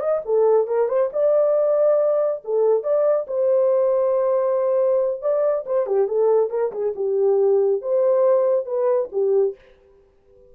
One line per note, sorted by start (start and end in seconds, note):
0.00 0.22 D#5
0.26 0.67 A4
0.67 0.89 A#4
0.89 1.10 C5
1.13 2.43 D5
2.45 2.84 A4
2.84 3.27 D5
3.28 5.22 C5
5.22 5.65 D5
5.67 5.87 C5
5.87 6.08 G4
6.08 6.50 A4
6.50 6.72 A#4
6.72 6.94 G#4
6.96 7.82 G4
7.82 8.66 C5
8.66 9.09 B4
9.12 9.56 G4